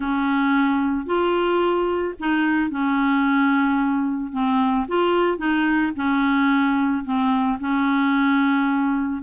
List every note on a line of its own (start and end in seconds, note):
0.00 1.06 C#4
1.06 2.14 F4
2.19 2.70 D#4
2.70 4.32 C#4
4.32 4.86 C4
4.87 5.38 F4
5.38 5.92 D#4
5.96 7.04 C#4
7.04 7.58 C4
7.60 9.22 C#4